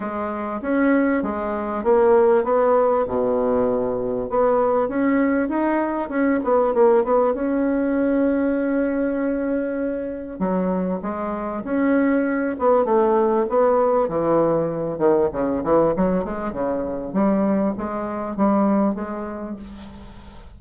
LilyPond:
\new Staff \with { instrumentName = "bassoon" } { \time 4/4 \tempo 4 = 98 gis4 cis'4 gis4 ais4 | b4 b,2 b4 | cis'4 dis'4 cis'8 b8 ais8 b8 | cis'1~ |
cis'4 fis4 gis4 cis'4~ | cis'8 b8 a4 b4 e4~ | e8 dis8 cis8 e8 fis8 gis8 cis4 | g4 gis4 g4 gis4 | }